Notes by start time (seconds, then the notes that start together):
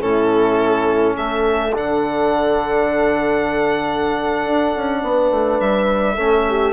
0.00 A2 C#4 E4 A4
1.14 A3 A4 E5
1.73 D3 D4 F#5
4.45 D4
4.75 C#4
5.02 B3 B4
5.30 A3
5.60 G3 E5
6.15 A3 C#4 A4
6.48 G4